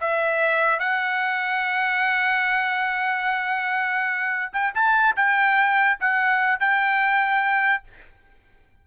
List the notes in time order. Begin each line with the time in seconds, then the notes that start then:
0.00 E5
0.79 F#5
4.53 G5
4.74 A5
5.16 G5
6.00 F#5
6.60 G5